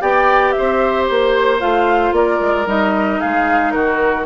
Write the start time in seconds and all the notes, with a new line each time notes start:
0.00 B3 G4 D5 G5
0.51 C5 E5
0.59 C4
1.07 A#3 C5
1.59 A3 F4 F5
2.11 A#3 A#4 D5
2.40 G#3
2.66 G3 D#4 D#5
3.19 G#3 G#4 F5
3.70 D#3 F#4 A#4